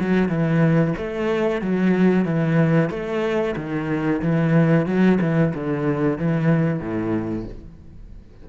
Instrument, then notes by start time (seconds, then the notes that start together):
cello
0.00 F#3
0.28 E3
0.98 A3
1.61 F#3
2.25 E3
2.90 A3
3.56 D#3
4.22 E3
4.86 F#3
5.21 E3
5.54 D3
6.18 E3
6.80 A2